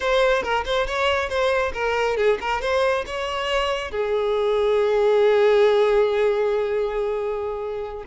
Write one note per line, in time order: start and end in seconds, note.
0.00 0.42 C5
0.42 0.64 A#4
0.65 0.86 C5
0.86 1.29 C#5
1.29 1.72 C5
1.73 2.16 A#4
2.16 2.38 G#4
2.41 2.61 A#4
2.61 3.04 C5
3.06 3.91 C#5
3.91 8.04 G#4